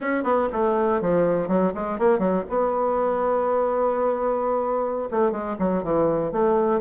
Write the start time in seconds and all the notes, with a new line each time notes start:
0.00 C#4
0.23 B3
0.52 A3
1.01 F3
1.48 F#3
1.74 G#3
1.98 A#3
2.19 F#3
2.49 B3
5.11 A3
5.31 G#3
5.58 F#3
5.83 E3
6.32 A3